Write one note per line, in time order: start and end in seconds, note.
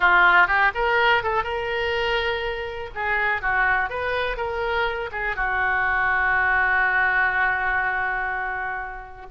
0.00 0.47 F4
0.47 0.71 G4
0.74 1.23 A#4
1.23 1.43 A4
1.43 2.90 A#4
2.94 3.41 G#4
3.41 3.89 F#4
3.89 4.37 B4
4.37 5.10 A#4
5.11 5.35 G#4
5.36 9.26 F#4